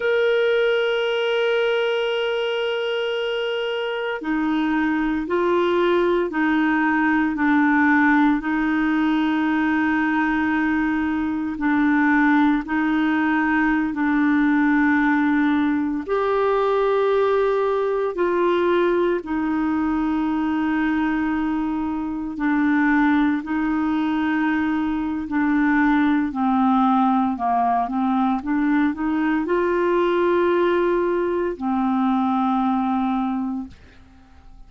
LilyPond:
\new Staff \with { instrumentName = "clarinet" } { \time 4/4 \tempo 4 = 57 ais'1 | dis'4 f'4 dis'4 d'4 | dis'2. d'4 | dis'4~ dis'16 d'2 g'8.~ |
g'4~ g'16 f'4 dis'4.~ dis'16~ | dis'4~ dis'16 d'4 dis'4.~ dis'16 | d'4 c'4 ais8 c'8 d'8 dis'8 | f'2 c'2 | }